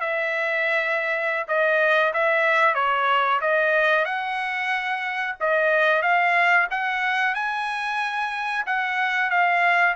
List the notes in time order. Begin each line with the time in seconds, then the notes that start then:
0.00 E5
1.48 D#5
2.13 E5
2.75 C#5
3.41 D#5
4.05 F#5
5.40 D#5
6.02 F5
6.71 F#5
7.35 G#5
8.66 F#5
9.31 F5